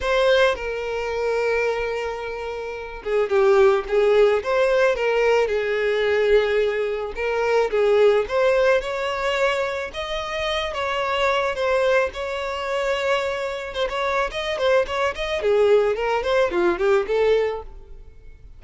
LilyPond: \new Staff \with { instrumentName = "violin" } { \time 4/4 \tempo 4 = 109 c''4 ais'2.~ | ais'4. gis'8 g'4 gis'4 | c''4 ais'4 gis'2~ | gis'4 ais'4 gis'4 c''4 |
cis''2 dis''4. cis''8~ | cis''4 c''4 cis''2~ | cis''4 c''16 cis''8. dis''8 c''8 cis''8 dis''8 | gis'4 ais'8 c''8 f'8 g'8 a'4 | }